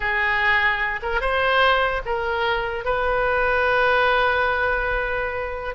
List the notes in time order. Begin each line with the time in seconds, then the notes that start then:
0.00 G#4
1.02 A#4
1.21 C5
2.05 A#4
2.85 B4